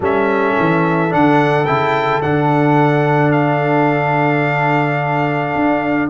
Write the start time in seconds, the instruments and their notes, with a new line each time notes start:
0.00 tuba G3, trombone C#4, horn A4, trumpet E5
0.59 tuba E3
1.09 tuba D3, trombone D4, trumpet F#5
1.65 tuba C#3, trombone E4, trumpet G5
2.21 tuba D3, trombone D4, trumpet F#5
3.31 trumpet F5
5.55 tuba D4